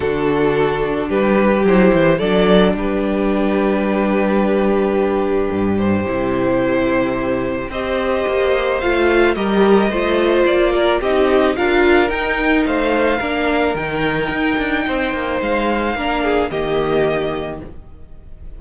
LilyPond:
<<
  \new Staff \with { instrumentName = "violin" } { \time 4/4 \tempo 4 = 109 a'2 b'4 c''4 | d''4 b'2.~ | b'2~ b'8 c''4.~ | c''2 dis''2 |
f''4 dis''2 d''4 | dis''4 f''4 g''4 f''4~ | f''4 g''2. | f''2 dis''2 | }
  \new Staff \with { instrumentName = "violin" } { \time 4/4 fis'2 g'2 | a'4 g'2.~ | g'1~ | g'2 c''2~ |
c''4 ais'4 c''4. ais'8 | g'4 ais'2 c''4 | ais'2. c''4~ | c''4 ais'8 gis'8 g'2 | }
  \new Staff \with { instrumentName = "viola" } { \time 4/4 d'2. e'4 | d'1~ | d'2. e'4~ | e'2 g'2 |
f'4 g'4 f'2 | dis'4 f'4 dis'2 | d'4 dis'2.~ | dis'4 d'4 ais2 | }
  \new Staff \with { instrumentName = "cello" } { \time 4/4 d2 g4 fis8 e8 | fis4 g2.~ | g2 g,4 c4~ | c2 c'4 ais4 |
a4 g4 a4 ais4 | c'4 d'4 dis'4 a4 | ais4 dis4 dis'8 d'8 c'8 ais8 | gis4 ais4 dis2 | }
>>